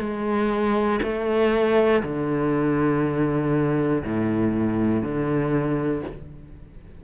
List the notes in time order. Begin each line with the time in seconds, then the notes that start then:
0.00 G#3
1.02 A3
2.03 D3
4.03 A2
5.03 D3